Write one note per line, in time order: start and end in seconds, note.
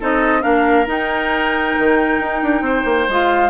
0.00 0.45 C4
0.00 0.41 D#4
0.00 0.42 A4
0.00 0.42 D#5
0.41 0.87 A#3
0.41 0.85 D4
0.41 2.63 A#4
0.41 0.86 F5
0.87 3.07 D#4
0.87 1.75 D#4
0.87 3.11 G5
1.78 2.20 D#3
2.20 2.42 D#4
2.42 2.61 D4
2.61 2.83 C4
2.61 3.50 C5
2.85 3.07 A#3
3.09 3.50 G#3
3.09 3.50 F4
3.09 3.50 F5